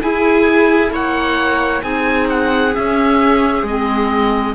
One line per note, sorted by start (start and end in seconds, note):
0.00 1.82 E4
0.00 0.91 E4
0.00 0.93 G#4
0.00 0.92 G#5
0.91 1.82 A#3
0.91 1.81 C#5
0.91 1.82 F#5
1.81 2.74 C4
1.81 2.72 D#4
1.81 4.54 G#4
1.81 2.28 G#5
2.29 2.74 F#5
2.72 3.63 C#4
2.72 3.62 C#4
2.72 3.65 E5
3.62 4.53 G#3
3.62 4.54 C4
3.62 4.54 D#5